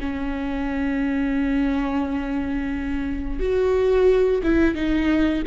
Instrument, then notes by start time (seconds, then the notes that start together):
viola
0.00 C#4
3.39 F#4
4.43 E4
4.74 D#4